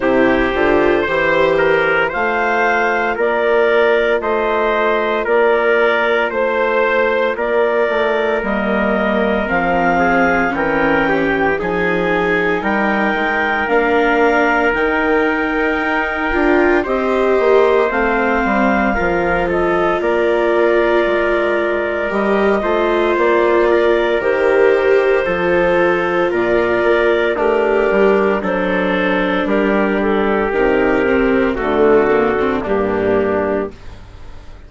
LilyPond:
<<
  \new Staff \with { instrumentName = "clarinet" } { \time 4/4 \tempo 4 = 57 c''2 f''4 d''4 | dis''4 d''4 c''4 d''4 | dis''4 f''4 g''4 gis''4 | g''4 f''4 g''2 |
dis''4 f''4. dis''8 d''4~ | d''4 dis''4 d''4 c''4~ | c''4 d''4 ais'4 c''4 | ais'8 a'8 ais'4 a'4 g'4 | }
  \new Staff \with { instrumentName = "trumpet" } { \time 4/4 g'4 c''8 ais'8 c''4 ais'4 | c''4 ais'4 c''4 ais'4~ | ais'4. gis'8 ais'8 g'8 gis'4 | ais'1 |
c''2 ais'8 a'8 ais'4~ | ais'4. c''4 ais'4. | a'4 ais'4 d'4 a'4 | g'2 fis'4 d'4 | }
  \new Staff \with { instrumentName = "viola" } { \time 4/4 e'8 f'8 g'4 f'2~ | f'1 | ais4 c'4 cis'4 dis'4~ | dis'4 d'4 dis'4. f'8 |
g'4 c'4 f'2~ | f'4 g'8 f'4. g'4 | f'2 g'4 d'4~ | d'4 dis'8 c'8 a8 ais16 c'16 ais4 | }
  \new Staff \with { instrumentName = "bassoon" } { \time 4/4 c8 d8 e4 a4 ais4 | a4 ais4 a4 ais8 a8 | g4 f4 e4 f4 | g8 gis8 ais4 dis4 dis'8 d'8 |
c'8 ais8 a8 g8 f4 ais4 | gis4 g8 a8 ais4 dis4 | f4 ais,8 ais8 a8 g8 fis4 | g4 c4 d4 g,4 | }
>>